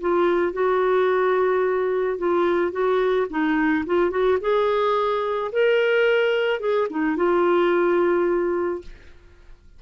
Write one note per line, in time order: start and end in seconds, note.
0.00 0.53 F4
0.53 2.17 F#4
2.18 2.71 F4
2.71 3.26 F#4
3.30 3.85 D#4
3.86 4.10 F4
4.10 4.38 F#4
4.41 5.51 G#4
5.51 6.60 A#4
6.60 6.87 G#4
6.90 7.16 D#4
7.16 8.81 F4